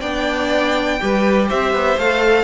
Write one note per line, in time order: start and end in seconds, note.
0.00 1.00 B3
0.00 1.00 D4
0.00 0.98 D5
0.00 1.49 G5
1.01 1.52 G3
1.01 1.98 G4
1.01 1.47 B4
1.47 1.73 C4
1.47 2.44 C5
1.47 1.99 E5
1.73 1.98 B3
1.98 2.44 A3
1.98 2.44 A4
1.98 2.44 F5